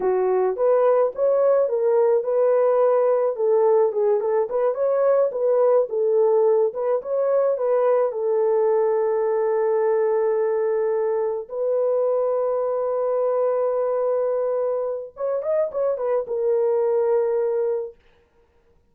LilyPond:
\new Staff \with { instrumentName = "horn" } { \time 4/4 \tempo 4 = 107 fis'4 b'4 cis''4 ais'4 | b'2 a'4 gis'8 a'8 | b'8 cis''4 b'4 a'4. | b'8 cis''4 b'4 a'4.~ |
a'1~ | a'8 b'2.~ b'8~ | b'2. cis''8 dis''8 | cis''8 b'8 ais'2. | }